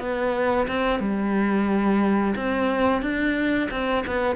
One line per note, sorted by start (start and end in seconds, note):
0.00 0.67 B3
0.68 1.00 C4
1.00 2.35 G3
2.37 3.02 C4
3.02 3.70 D4
3.71 4.05 C4
4.07 4.36 B3